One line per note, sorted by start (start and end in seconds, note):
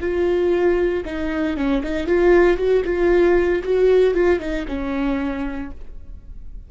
0.00 1.03 F4
1.05 1.56 D#4
1.56 1.82 C#4
1.83 2.07 D#4
2.07 2.57 F4
2.57 2.83 F#4
2.84 3.62 F4
3.63 4.14 F#4
4.14 4.39 F4
4.39 4.65 D#4
4.67 5.71 C#4